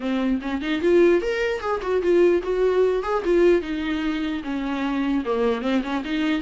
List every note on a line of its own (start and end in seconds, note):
0.00 0.40 C4
0.41 0.61 C#4
0.61 0.81 D#4
0.81 1.21 F4
1.21 1.60 A#4
1.60 1.80 G#4
1.82 2.02 F#4
2.02 2.42 F4
2.42 3.03 F#4
3.03 3.23 G#4
3.25 3.61 F4
3.61 4.42 D#4
4.43 5.24 C#4
5.25 5.61 A#3
5.61 5.82 C4
5.83 6.03 C#4
6.04 6.41 D#4